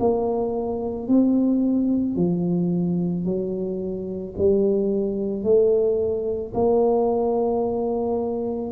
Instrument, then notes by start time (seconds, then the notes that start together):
tuba
0.00 A#3
1.08 C4
2.16 F3
3.25 F#3
4.38 G3
5.43 A3
6.54 A#3